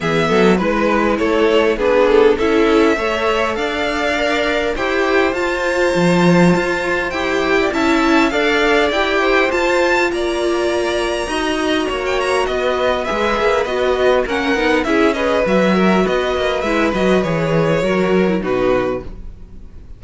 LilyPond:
<<
  \new Staff \with { instrumentName = "violin" } { \time 4/4 \tempo 4 = 101 e''4 b'4 cis''4 b'8 a'8 | e''2 f''2 | g''4 a''2. | g''4 a''4 f''4 g''4 |
a''4 ais''2.~ | ais''16 g''16 ais''8 dis''4 e''4 dis''4 | fis''4 e''8 dis''8 e''4 dis''4 | e''8 dis''8 cis''2 b'4 | }
  \new Staff \with { instrumentName = "violin" } { \time 4/4 gis'8 a'8 b'4 a'4 gis'4 | a'4 cis''4 d''2 | c''1~ | c''8. d''16 e''4 d''4. c''8~ |
c''4 d''2 dis''4 | cis''4 b'2. | ais'4 gis'8 b'4 ais'8 b'4~ | b'2 ais'4 fis'4 | }
  \new Staff \with { instrumentName = "viola" } { \time 4/4 b4 e'2 d'4 | e'4 a'2 ais'4 | g'4 f'2. | g'4 e'4 a'4 g'4 |
f'2. fis'4~ | fis'2 gis'4 fis'4 | cis'8 dis'8 e'8 gis'8 fis'2 | e'8 fis'8 gis'4 fis'8. e'16 dis'4 | }
  \new Staff \with { instrumentName = "cello" } { \time 4/4 e8 fis8 gis4 a4 b4 | cis'4 a4 d'2 | e'4 f'4 f4 f'4 | e'4 cis'4 d'4 e'4 |
f'4 ais2 dis'4 | ais4 b4 gis8 ais8 b4 | ais8 b8 cis'4 fis4 b8 ais8 | gis8 fis8 e4 fis4 b,4 | }
>>